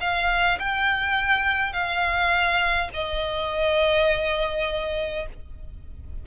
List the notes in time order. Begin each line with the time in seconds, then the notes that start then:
0.00 F5
0.59 G5
1.73 F5
2.93 D#5